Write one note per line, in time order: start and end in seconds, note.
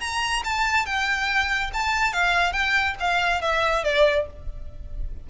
0.00 0.43 A#5
0.44 0.85 A5
0.85 1.71 G5
1.73 2.13 A5
2.13 2.52 F5
2.52 2.95 G5
3.00 3.42 F5
3.42 3.84 E5
3.84 4.26 D5